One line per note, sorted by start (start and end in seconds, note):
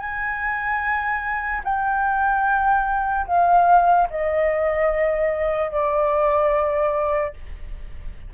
0.00 1.62 G#5
1.64 3.27 G5
3.27 4.08 F5
4.11 5.72 D#5
5.72 7.34 D5